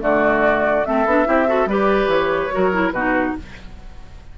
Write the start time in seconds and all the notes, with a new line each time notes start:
0.00 D3 A3 F#4 D5
0.85 A3 C4 A4 E5
1.06 B3 D4
1.26 C4 E4 G4
1.47 F#4 A4
1.66 G3 G4 B4 D5
2.07 E3 C#5
2.51 F#3 F#4 A#4
2.73 E4
2.91 B2 D#4 F#4 B4